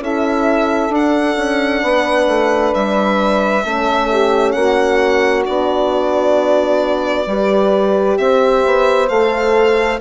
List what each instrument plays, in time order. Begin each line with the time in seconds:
0.00 bassoon C#4, horn E4, saxophone A4, violin E5
0.90 bassoon D4, horn D4, violin F#5
1.37 bassoon C#4
1.83 bassoon B3, saxophone B4
2.27 bassoon A3
2.74 bassoon G3, violin E5
3.64 bassoon A3, horn C#4, saxophone A4
4.10 saxophone G4
4.52 bassoon A#3, saxophone F#4, violin F#5
5.45 bassoon B3, horn D4, violin D5
7.27 bassoon G3, horn G4, saxophone B4
8.18 bassoon C4, saxophone C5, violin E5
8.66 bassoon B3
9.09 bassoon A3, horn A4, violin F5